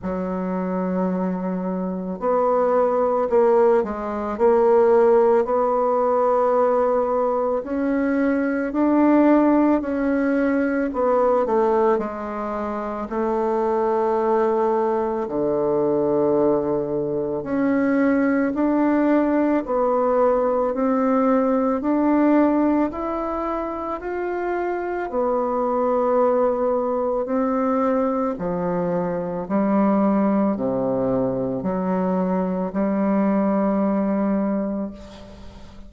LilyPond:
\new Staff \with { instrumentName = "bassoon" } { \time 4/4 \tempo 4 = 55 fis2 b4 ais8 gis8 | ais4 b2 cis'4 | d'4 cis'4 b8 a8 gis4 | a2 d2 |
cis'4 d'4 b4 c'4 | d'4 e'4 f'4 b4~ | b4 c'4 f4 g4 | c4 fis4 g2 | }